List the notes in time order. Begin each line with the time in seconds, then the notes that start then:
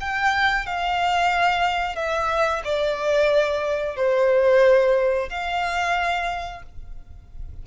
0.00 G5
0.66 F5
1.95 E5
2.64 D5
3.96 C5
5.29 F5